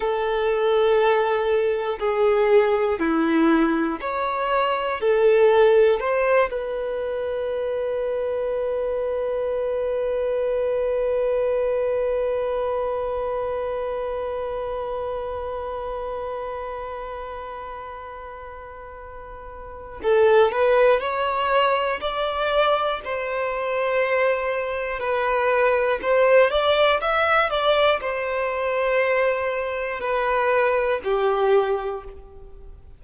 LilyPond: \new Staff \with { instrumentName = "violin" } { \time 4/4 \tempo 4 = 60 a'2 gis'4 e'4 | cis''4 a'4 c''8 b'4.~ | b'1~ | b'1~ |
b'1 | a'8 b'8 cis''4 d''4 c''4~ | c''4 b'4 c''8 d''8 e''8 d''8 | c''2 b'4 g'4 | }